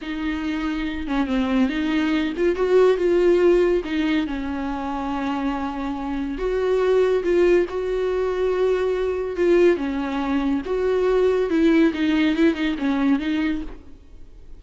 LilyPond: \new Staff \with { instrumentName = "viola" } { \time 4/4 \tempo 4 = 141 dis'2~ dis'8 cis'8 c'4 | dis'4. f'8 fis'4 f'4~ | f'4 dis'4 cis'2~ | cis'2. fis'4~ |
fis'4 f'4 fis'2~ | fis'2 f'4 cis'4~ | cis'4 fis'2 e'4 | dis'4 e'8 dis'8 cis'4 dis'4 | }